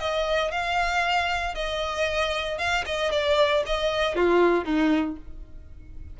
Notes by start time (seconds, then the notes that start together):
0.00 D#5
0.52 F5
1.55 D#5
2.58 F5
2.86 D#5
3.12 D5
3.66 D#5
4.15 F4
4.65 D#4